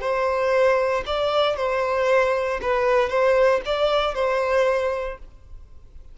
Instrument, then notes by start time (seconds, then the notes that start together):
violin
0.00 C5
1.06 D5
1.56 C5
2.61 B4
3.09 C5
3.65 D5
4.14 C5